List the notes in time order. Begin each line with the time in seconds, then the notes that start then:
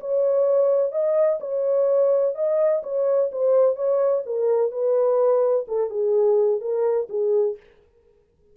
0.00 C#5
0.91 D#5
1.40 C#5
2.35 D#5
2.83 C#5
3.32 C5
3.75 C#5
4.25 A#4
4.71 B4
5.67 A4
5.89 G#4
6.60 A#4
7.09 G#4